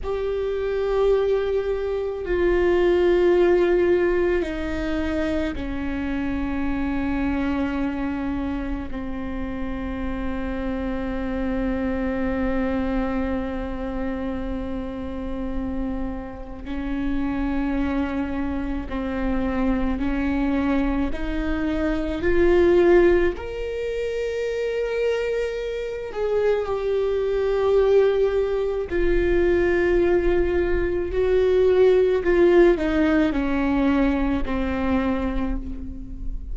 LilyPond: \new Staff \with { instrumentName = "viola" } { \time 4/4 \tempo 4 = 54 g'2 f'2 | dis'4 cis'2. | c'1~ | c'2. cis'4~ |
cis'4 c'4 cis'4 dis'4 | f'4 ais'2~ ais'8 gis'8 | g'2 f'2 | fis'4 f'8 dis'8 cis'4 c'4 | }